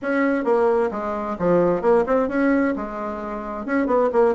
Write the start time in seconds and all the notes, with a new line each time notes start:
0.01 C#4
0.44 A#3
0.91 G#3
1.38 F3
1.81 A#3
2.06 C4
2.28 C#4
2.75 G#3
3.65 C#4
3.86 B3
4.12 A#3